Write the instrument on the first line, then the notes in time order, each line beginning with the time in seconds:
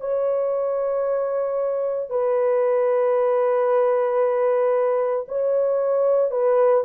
horn
0.00 C#5
2.10 B4
5.28 C#5
6.31 B4